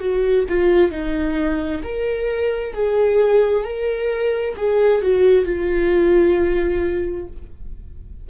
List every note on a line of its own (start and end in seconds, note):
0.00 0.45 F#4
0.50 0.91 F4
0.91 1.82 D#4
1.83 2.74 A#4
2.74 3.65 G#4
3.65 4.56 A#4
4.57 5.02 G#4
5.02 5.46 F#4
5.46 7.28 F4